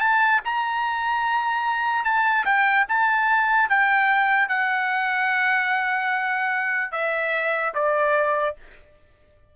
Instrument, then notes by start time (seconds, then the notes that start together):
trumpet
0.00 A5
0.45 A#5
2.04 A5
2.45 G5
2.89 A5
3.69 G5
4.49 F#5
6.92 E5
7.75 D5